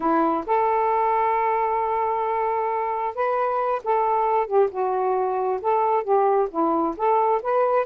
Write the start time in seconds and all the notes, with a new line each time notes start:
0.00 E4
0.46 A4
3.14 B4
3.84 A4
4.47 G4
4.71 F#4
5.61 A4
6.03 G4
6.50 E4
6.96 A4
7.42 B4